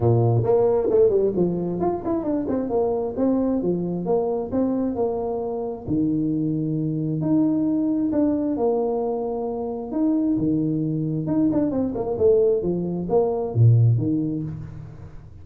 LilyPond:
\new Staff \with { instrumentName = "tuba" } { \time 4/4 \tempo 4 = 133 ais,4 ais4 a8 g8 f4 | f'8 e'8 d'8 c'8 ais4 c'4 | f4 ais4 c'4 ais4~ | ais4 dis2. |
dis'2 d'4 ais4~ | ais2 dis'4 dis4~ | dis4 dis'8 d'8 c'8 ais8 a4 | f4 ais4 ais,4 dis4 | }